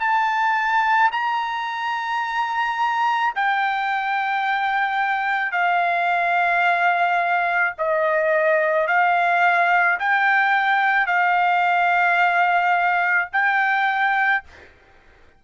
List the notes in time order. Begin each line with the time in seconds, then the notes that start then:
0.00 A5
1.12 A#5
3.36 G5
5.52 F5
7.79 D#5
8.88 F5
9.99 G5
11.07 F5
13.33 G5